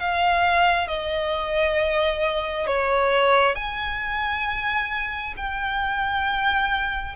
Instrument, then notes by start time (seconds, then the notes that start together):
violin
0.00 F5
0.88 D#5
2.67 C#5
3.55 G#5
5.37 G5